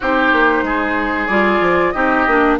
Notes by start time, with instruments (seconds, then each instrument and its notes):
0.00 bassoon C4, clarinet D#4, oboe G4, flute C5
0.32 bassoon A#3
0.62 bassoon G#3, oboe G#4
1.27 bassoon G3, clarinet F4, flute D5
1.60 bassoon F3
1.91 bassoon C4, clarinet D#4, oboe G4, flute D#5
2.26 bassoon A#3, clarinet D4